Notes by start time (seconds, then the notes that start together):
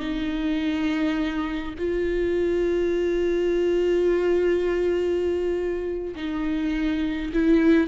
0.00 D#4
1.78 F4
6.16 D#4
7.33 E4